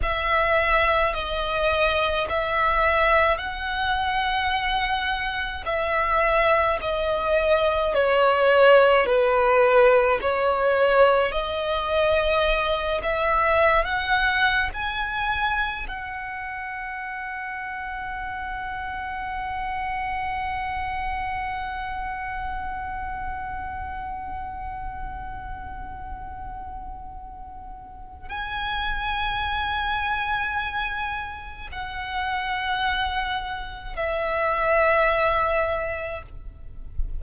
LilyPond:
\new Staff \with { instrumentName = "violin" } { \time 4/4 \tempo 4 = 53 e''4 dis''4 e''4 fis''4~ | fis''4 e''4 dis''4 cis''4 | b'4 cis''4 dis''4. e''8~ | e''16 fis''8. gis''4 fis''2~ |
fis''1~ | fis''1~ | fis''4 gis''2. | fis''2 e''2 | }